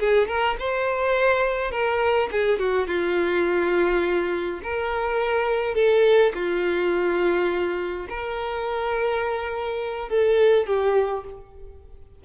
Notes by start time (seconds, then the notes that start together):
0.00 G#4
0.28 A#4
0.59 C5
1.72 A#4
2.32 G#4
2.59 F#4
2.87 F4
4.63 A#4
5.75 A4
6.34 F4
8.09 A#4
10.09 A4
10.67 G4